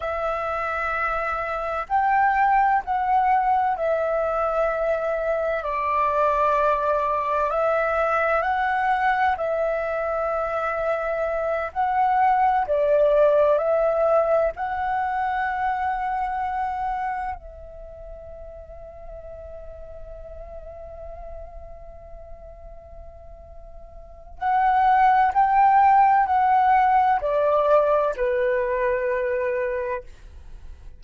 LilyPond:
\new Staff \with { instrumentName = "flute" } { \time 4/4 \tempo 4 = 64 e''2 g''4 fis''4 | e''2 d''2 | e''4 fis''4 e''2~ | e''8 fis''4 d''4 e''4 fis''8~ |
fis''2~ fis''8 e''4.~ | e''1~ | e''2 fis''4 g''4 | fis''4 d''4 b'2 | }